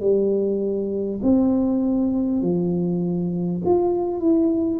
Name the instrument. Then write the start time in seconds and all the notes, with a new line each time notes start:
tuba
0.00 G3
1.22 C4
2.42 F3
3.65 F4
4.20 E4